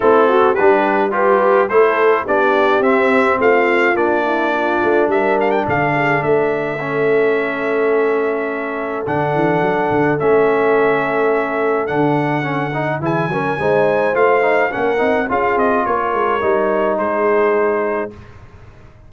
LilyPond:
<<
  \new Staff \with { instrumentName = "trumpet" } { \time 4/4 \tempo 4 = 106 a'4 b'4 g'4 c''4 | d''4 e''4 f''4 d''4~ | d''4 e''8 f''16 g''16 f''4 e''4~ | e''1 |
fis''2 e''2~ | e''4 fis''2 gis''4~ | gis''4 f''4 fis''4 f''8 dis''8 | cis''2 c''2 | }
  \new Staff \with { instrumentName = "horn" } { \time 4/4 e'8 fis'8 g'4 b'4 a'4 | g'2 f'4. e'8 | f'4 ais'4 a'8 gis'8 a'4~ | a'1~ |
a'1~ | a'2. gis'8 ais'8 | c''2 ais'4 gis'4 | ais'2 gis'2 | }
  \new Staff \with { instrumentName = "trombone" } { \time 4/4 c'4 d'4 f'4 e'4 | d'4 c'2 d'4~ | d'1 | cis'1 |
d'2 cis'2~ | cis'4 d'4 cis'8 dis'8 e'8 cis'8 | dis'4 f'8 dis'8 cis'8 dis'8 f'4~ | f'4 dis'2. | }
  \new Staff \with { instrumentName = "tuba" } { \time 4/4 a4 g2 a4 | b4 c'4 a4 ais4~ | ais8 a8 g4 d4 a4~ | a1 |
d8 e8 fis8 d8 a2~ | a4 d2 e8 fis8 | gis4 a4 ais8 c'8 cis'8 c'8 | ais8 gis8 g4 gis2 | }
>>